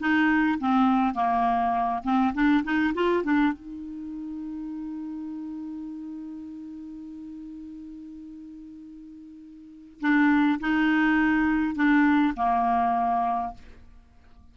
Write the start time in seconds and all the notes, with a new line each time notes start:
0.00 D#4
0.60 C4
1.15 A#3
2.04 C4
2.34 D4
2.64 D#4
2.95 F4
3.24 D4
3.53 D#4
10.01 D4
10.60 D#4
11.75 D4
12.36 A#3